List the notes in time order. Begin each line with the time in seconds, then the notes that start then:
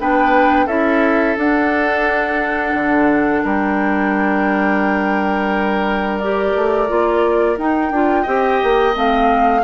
0.00 B3 D4 B4 G5
0.66 C#4 E4 A4 E5
1.38 D4 F#5
2.75 D3
3.44 G3 A#4 G5
6.20 G4 D5
6.56 A3
6.88 A#3 F4
7.58 D#4 G5
7.91 D4 F4
8.23 C4 G4 D#5
8.64 A#3
8.94 A3 C4 F5